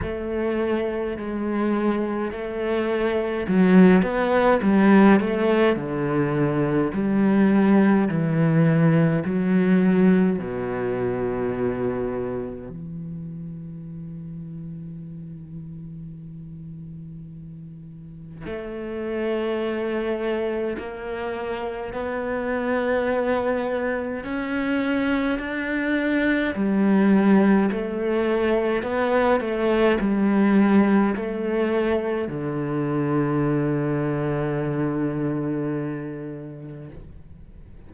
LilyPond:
\new Staff \with { instrumentName = "cello" } { \time 4/4 \tempo 4 = 52 a4 gis4 a4 fis8 b8 | g8 a8 d4 g4 e4 | fis4 b,2 e4~ | e1 |
a2 ais4 b4~ | b4 cis'4 d'4 g4 | a4 b8 a8 g4 a4 | d1 | }